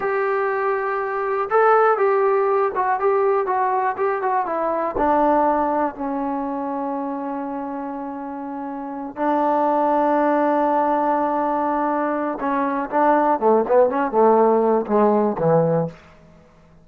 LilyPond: \new Staff \with { instrumentName = "trombone" } { \time 4/4 \tempo 4 = 121 g'2. a'4 | g'4. fis'8 g'4 fis'4 | g'8 fis'8 e'4 d'2 | cis'1~ |
cis'2~ cis'8 d'4.~ | d'1~ | d'4 cis'4 d'4 a8 b8 | cis'8 a4. gis4 e4 | }